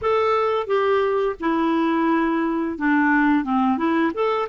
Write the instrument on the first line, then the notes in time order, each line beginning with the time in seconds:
clarinet
0.01 A4
0.66 G4
1.39 E4
2.78 D4
3.44 C4
3.77 E4
4.13 A4